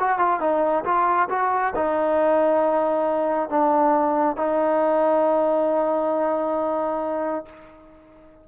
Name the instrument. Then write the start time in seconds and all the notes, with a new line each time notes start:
trombone
0.00 F#4
0.19 F4
0.41 D#4
0.85 F4
1.30 F#4
1.76 D#4
3.50 D4
4.37 D#4